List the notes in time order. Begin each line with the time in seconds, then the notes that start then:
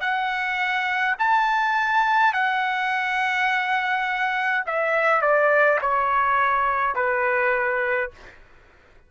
0.00 F#5
1.19 A5
2.33 F#5
4.66 E5
5.21 D5
5.81 C#5
6.95 B4